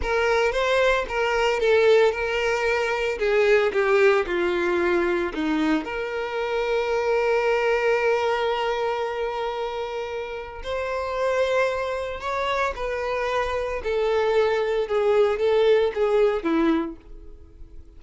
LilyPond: \new Staff \with { instrumentName = "violin" } { \time 4/4 \tempo 4 = 113 ais'4 c''4 ais'4 a'4 | ais'2 gis'4 g'4 | f'2 dis'4 ais'4~ | ais'1~ |
ais'1 | c''2. cis''4 | b'2 a'2 | gis'4 a'4 gis'4 e'4 | }